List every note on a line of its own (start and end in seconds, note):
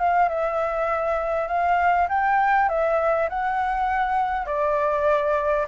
0.00 0.29 F5
0.29 1.48 E5
1.48 2.08 F5
2.09 2.69 G5
2.69 3.29 E5
3.30 4.46 F#5
4.46 5.66 D5